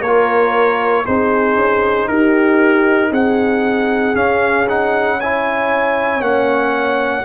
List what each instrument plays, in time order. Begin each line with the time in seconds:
0.00 tuba A#3, horn A#4, trumpet C#5
0.06 trombone F4
1.06 tuba C4, trombone D#4, horn G#4, trumpet C5
1.56 tuba C#4
2.08 tuba D#4, horn G4, trumpet A#4
3.11 tuba C4, horn G#4, trumpet F#5
4.15 trombone C#4, tuba C#4, trumpet F5
4.69 trombone D#4, trumpet F#5
5.20 trombone E4, horn C#5, trumpet G#5
6.20 tuba A#3, trombone C#4, trumpet F#5